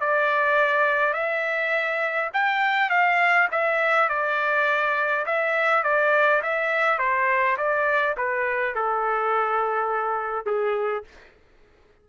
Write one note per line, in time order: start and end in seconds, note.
0.00 1.13 D5
1.13 2.30 E5
2.34 2.90 G5
2.90 3.48 F5
3.51 4.09 E5
4.09 5.25 D5
5.26 5.83 E5
5.83 6.42 D5
6.42 6.98 E5
6.98 7.57 C5
7.57 8.16 D5
8.17 8.75 B4
8.75 10.46 A4
10.46 11.04 G#4